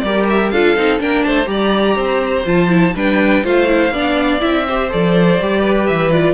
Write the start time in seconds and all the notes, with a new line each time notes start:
0.00 G3 G4 A#4 D5
0.30 E5
0.51 D4 F4 A4 F5
0.77 C4 D#4
0.99 A#3 D4 A#4 G5
1.23 A3 C5 A5
1.46 G3 G4 D5 A#5
1.96 C4 C5
2.46 F3 F4 A5
2.69 E4
2.95 G3 D4 B4 G5
3.44 A3 F4 C5 F5
3.67 E4
3.92 B3 D4 D5
4.41 C4 E4 E5
4.68 G4 C5
4.90 F3 A4 D5
5.41 G3 G4
5.60 B4
5.87 E3 E5
6.12 F4 D5